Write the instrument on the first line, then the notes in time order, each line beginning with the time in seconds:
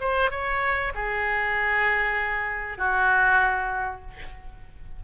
oboe
0.00 C5
0.30 C#5
0.94 G#4
2.77 F#4